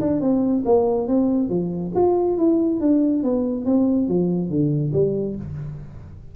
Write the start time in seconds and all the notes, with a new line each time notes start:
0.00 D4
0.20 C4
0.65 A#3
1.07 C4
1.49 F3
1.95 F4
2.37 E4
2.80 D4
3.23 B3
3.65 C4
4.08 F3
4.49 D3
4.92 G3